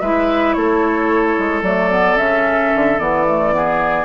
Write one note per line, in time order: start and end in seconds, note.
0.00 0.57 G#3
0.00 1.65 E4
0.00 0.55 B4
0.00 0.53 E5
0.53 1.38 A3
0.53 3.56 A4
0.53 1.62 C#5
1.39 1.63 G#3
1.63 2.17 F#3
1.63 1.91 A3
1.63 2.18 D5
1.91 2.17 B3
2.17 2.72 C#3
2.17 2.98 C#4
2.17 2.99 E5
2.76 3.00 D3
2.99 4.06 E3
2.99 3.26 B3
2.99 4.06 D5
3.28 3.53 A3
3.53 4.06 B3
3.53 4.06 G#4